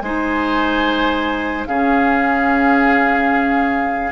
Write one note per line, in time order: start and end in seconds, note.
0.00 1.66 G#3
0.00 1.67 D#4
0.00 1.68 C5
0.00 1.64 G#5
1.66 4.11 C#3
1.66 4.11 C#4
1.66 4.11 G#4
1.66 4.11 F5